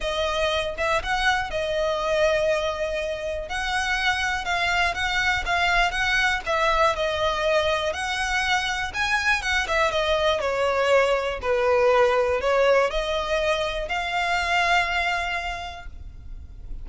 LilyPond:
\new Staff \with { instrumentName = "violin" } { \time 4/4 \tempo 4 = 121 dis''4. e''8 fis''4 dis''4~ | dis''2. fis''4~ | fis''4 f''4 fis''4 f''4 | fis''4 e''4 dis''2 |
fis''2 gis''4 fis''8 e''8 | dis''4 cis''2 b'4~ | b'4 cis''4 dis''2 | f''1 | }